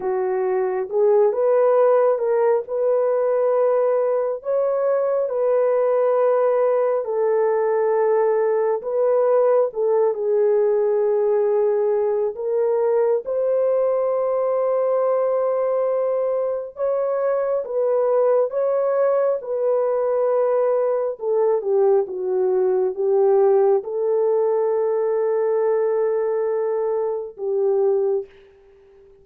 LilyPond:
\new Staff \with { instrumentName = "horn" } { \time 4/4 \tempo 4 = 68 fis'4 gis'8 b'4 ais'8 b'4~ | b'4 cis''4 b'2 | a'2 b'4 a'8 gis'8~ | gis'2 ais'4 c''4~ |
c''2. cis''4 | b'4 cis''4 b'2 | a'8 g'8 fis'4 g'4 a'4~ | a'2. g'4 | }